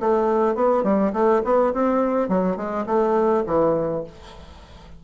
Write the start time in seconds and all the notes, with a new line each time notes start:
0.00 A3
0.55 B3
0.83 G3
1.12 A3
1.44 B3
1.73 C4
2.28 F#3
2.56 G#3
2.86 A3
3.46 E3